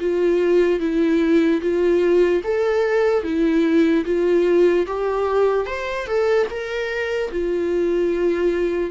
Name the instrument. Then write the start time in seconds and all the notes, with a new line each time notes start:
viola
0.00 F4
0.80 E4
1.61 F4
2.44 A4
3.24 E4
4.05 F4
4.86 G4
5.66 C5
6.07 A4
6.50 A#4
7.32 F4